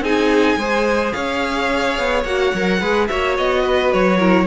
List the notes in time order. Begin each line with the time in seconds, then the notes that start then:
0.00 C4 D#4 G#4 G#5
0.57 G#3 G#4 C5
1.12 C#4 C#5 F5
1.98 B3
2.23 A#3 F#4 F#5
2.54 F#3 A#4
2.80 G#3 G#4 B4
3.07 A#3 F#4 C#5 E5
3.37 B3 D#5
3.62 B4
3.92 F#3 C#5
4.17 E4 A#4